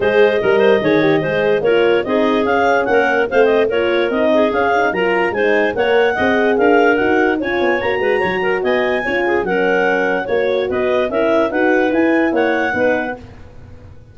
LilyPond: <<
  \new Staff \with { instrumentName = "clarinet" } { \time 4/4 \tempo 4 = 146 dis''1 | cis''4 dis''4 f''4 fis''4 | f''8 dis''8 cis''4 dis''4 f''4 | ais''4 gis''4 fis''2 |
f''4 fis''4 gis''4 ais''4~ | ais''4 gis''2 fis''4~ | fis''4 cis''4 dis''4 e''4 | fis''4 gis''4 fis''2 | }
  \new Staff \with { instrumentName = "clarinet" } { \time 4/4 c''4 ais'8 c''8 cis''4 c''4 | ais'4 gis'2 ais'4 | c''4 ais'4. gis'4. | ais'4 c''4 cis''4 dis''4 |
ais'2 cis''4. b'8 | cis''8 ais'8 dis''4 cis''8 gis'8 ais'4~ | ais'4 cis''4 b'4 ais'4 | b'2 cis''4 b'4 | }
  \new Staff \with { instrumentName = "horn" } { \time 4/4 gis'4 ais'4 gis'8 g'8 gis'4 | f'4 dis'4 cis'2 | c'4 f'4 dis'4 cis'8 dis'8 | f'4 dis'4 ais'4 gis'4~ |
gis'4 fis'4 f'4 fis'4~ | fis'2 f'4 cis'4~ | cis'4 fis'2 e'4 | fis'4 e'2 dis'4 | }
  \new Staff \with { instrumentName = "tuba" } { \time 4/4 gis4 g4 dis4 gis4 | ais4 c'4 cis'4 ais4 | a4 ais4 c'4 cis'4 | fis4 gis4 ais4 c'4 |
d'4 dis'4 cis'8 b8 ais8 gis8 | fis4 b4 cis'4 fis4~ | fis4 ais4 b4 cis'4 | dis'4 e'4 ais4 b4 | }
>>